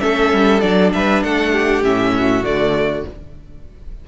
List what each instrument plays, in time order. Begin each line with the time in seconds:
0.00 cello A3, viola C#4, violin A4 E5
0.33 cello G3
0.60 cello F#3, viola D4, violin D5
0.93 cello G3, violin B4 E5
1.23 cello A3, violin A4 F#5
1.53 violin G4
1.83 cello A2, viola C#4, violin E5
2.17 violin F#4
2.43 cello D3, viola A3, violin D5